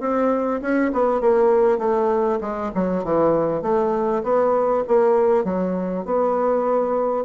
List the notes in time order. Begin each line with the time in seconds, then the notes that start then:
0.00 C4
0.61 C#4
0.93 B3
1.21 A#3
1.79 A3
2.41 G#3
2.75 F#3
3.04 E3
3.62 A3
4.23 B3
4.87 A#3
5.44 F#3
6.05 B3